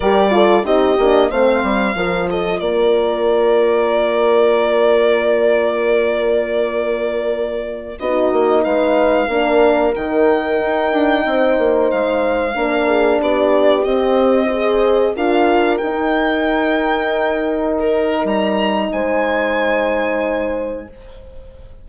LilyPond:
<<
  \new Staff \with { instrumentName = "violin" } { \time 4/4 \tempo 4 = 92 d''4 dis''4 f''4. dis''8 | d''1~ | d''1~ | d''16 dis''4 f''2 g''8.~ |
g''2~ g''16 f''4.~ f''16~ | f''16 d''4 dis''2 f''8.~ | f''16 g''2. ais'8. | ais''4 gis''2. | }
  \new Staff \with { instrumentName = "horn" } { \time 4/4 ais'8 a'8 g'4 c''4 ais'8 a'8 | ais'1~ | ais'1~ | ais'16 fis'4 b'4 ais'4.~ ais'16~ |
ais'4~ ais'16 c''2 ais'8 gis'16~ | gis'16 g'2 c''4 ais'8.~ | ais'1~ | ais'4 c''2. | }
  \new Staff \with { instrumentName = "horn" } { \time 4/4 g'8 f'8 dis'8 d'8 c'4 f'4~ | f'1~ | f'1~ | f'16 dis'2 d'4 dis'8.~ |
dis'2.~ dis'16 d'8.~ | d'4~ d'16 c'4 gis'4 f'8.~ | f'16 dis'2.~ dis'8.~ | dis'1 | }
  \new Staff \with { instrumentName = "bassoon" } { \time 4/4 g4 c'8 ais8 a8 g8 f4 | ais1~ | ais1~ | ais16 b8 ais8 gis4 ais4 dis8.~ |
dis16 dis'8 d'8 c'8 ais8 gis4 ais8.~ | ais16 b4 c'2 d'8.~ | d'16 dis'2.~ dis'8. | g4 gis2. | }
>>